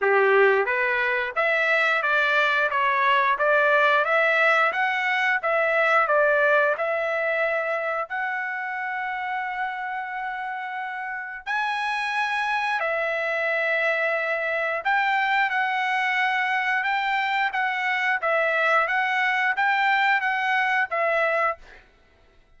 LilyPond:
\new Staff \with { instrumentName = "trumpet" } { \time 4/4 \tempo 4 = 89 g'4 b'4 e''4 d''4 | cis''4 d''4 e''4 fis''4 | e''4 d''4 e''2 | fis''1~ |
fis''4 gis''2 e''4~ | e''2 g''4 fis''4~ | fis''4 g''4 fis''4 e''4 | fis''4 g''4 fis''4 e''4 | }